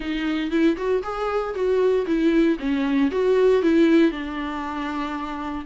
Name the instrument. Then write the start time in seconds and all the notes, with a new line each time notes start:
viola
0.00 D#4
0.50 E4
0.76 F#4
1.03 G#4
1.54 F#4
2.06 E4
2.59 C#4
3.11 F#4
3.62 E4
4.11 D4